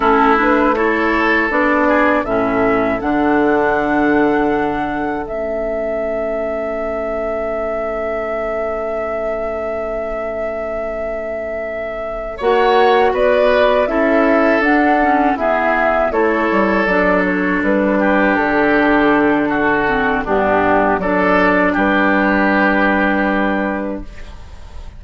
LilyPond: <<
  \new Staff \with { instrumentName = "flute" } { \time 4/4 \tempo 4 = 80 a'8 b'8 cis''4 d''4 e''4 | fis''2. e''4~ | e''1~ | e''1~ |
e''8 fis''4 d''4 e''4 fis''8~ | fis''8 e''4 cis''4 d''8 cis''8 b'8~ | b'8 a'2~ a'8 g'4 | d''4 b'2. | }
  \new Staff \with { instrumentName = "oboe" } { \time 4/4 e'4 a'4. gis'8 a'4~ | a'1~ | a'1~ | a'1~ |
a'8 cis''4 b'4 a'4.~ | a'8 gis'4 a'2~ a'8 | g'2 fis'4 d'4 | a'4 g'2. | }
  \new Staff \with { instrumentName = "clarinet" } { \time 4/4 cis'8 d'8 e'4 d'4 cis'4 | d'2. cis'4~ | cis'1~ | cis'1~ |
cis'8 fis'2 e'4 d'8 | cis'8 b4 e'4 d'4.~ | d'2~ d'8 c'8 b4 | d'1 | }
  \new Staff \with { instrumentName = "bassoon" } { \time 4/4 a2 b4 a,4 | d2. a4~ | a1~ | a1~ |
a8 ais4 b4 cis'4 d'8~ | d'8 e'4 a8 g8 fis4 g8~ | g8 d2~ d8 g,4 | fis4 g2. | }
>>